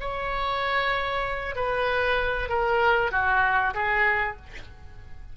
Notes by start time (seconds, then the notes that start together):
0.00 C#5
1.55 B4
2.49 A#4
3.11 F#4
3.74 G#4